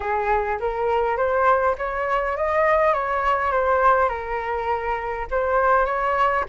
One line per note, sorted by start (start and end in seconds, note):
0.00 0.58 G#4
0.60 1.16 A#4
1.16 1.75 C5
1.78 2.36 C#5
2.36 2.93 D#5
2.93 3.51 C#5
3.51 4.09 C5
4.09 5.26 A#4
5.30 5.85 C5
5.85 6.44 C#5